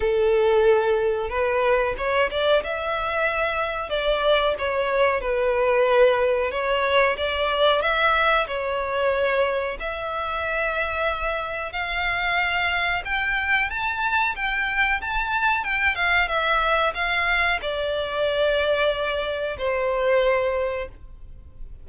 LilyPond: \new Staff \with { instrumentName = "violin" } { \time 4/4 \tempo 4 = 92 a'2 b'4 cis''8 d''8 | e''2 d''4 cis''4 | b'2 cis''4 d''4 | e''4 cis''2 e''4~ |
e''2 f''2 | g''4 a''4 g''4 a''4 | g''8 f''8 e''4 f''4 d''4~ | d''2 c''2 | }